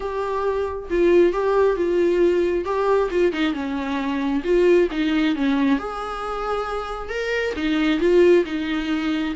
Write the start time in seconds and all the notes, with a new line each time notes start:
0.00 G4
0.89 F4
1.33 G4
1.76 F4
2.64 G4
3.10 F4
3.32 D#4
3.53 C#4
4.44 F4
4.91 D#4
5.35 C#4
5.79 G#4
7.09 A#4
7.56 D#4
8.00 F4
8.45 D#4